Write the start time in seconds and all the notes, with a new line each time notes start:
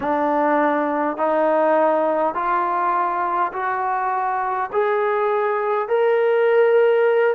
0.00 D4
1.17 D#4
2.34 F4
3.52 F#4
4.72 G#4
5.88 A#4